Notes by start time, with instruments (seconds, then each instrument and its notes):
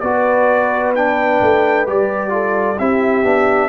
0.00 tuba B3, trombone F#4, horn B4, trumpet D5
0.95 trombone D4, trumpet G5
1.41 tuba A3
1.87 tuba G3, trombone G4, trumpet D5
2.29 trombone F4, horn A4
2.79 tuba C4, trombone E4, horn G4, trumpet E5
3.23 tuba B3, trombone D4